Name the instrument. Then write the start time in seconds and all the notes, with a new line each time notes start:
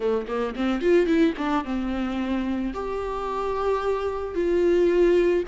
viola
0.00 A3
0.27 A#3
0.55 C4
0.81 F4
1.06 E4
1.37 D4
1.64 C4
2.73 G4
4.34 F4